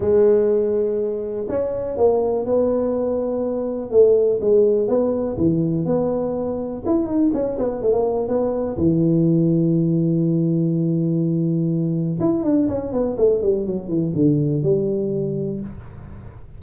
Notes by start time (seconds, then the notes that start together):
0.00 G#3
1.49 C#4
1.97 A#3
2.45 B3
3.90 A3
4.40 G#3
4.88 B3
5.37 E3
5.85 B3
6.85 E4
7.06 D#4
7.33 C#4
7.58 B3
7.82 A3
7.92 A#3
8.28 B3
8.77 E3
12.20 E4
12.43 D4
12.68 C#4
12.92 B3
13.17 A3
13.42 G3
13.66 F#3
13.88 E3
14.15 D3
14.62 G3